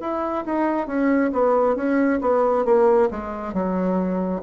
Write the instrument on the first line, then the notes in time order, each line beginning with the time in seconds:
bassoon
0.00 E4
0.45 D#4
0.87 C#4
1.32 B3
1.76 C#4
2.21 B3
2.65 A#3
3.10 G#3
3.53 F#3